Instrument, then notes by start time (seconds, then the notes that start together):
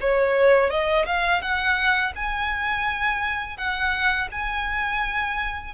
violin
0.00 C#5
0.70 D#5
1.06 F5
1.41 F#5
2.15 G#5
3.57 F#5
4.31 G#5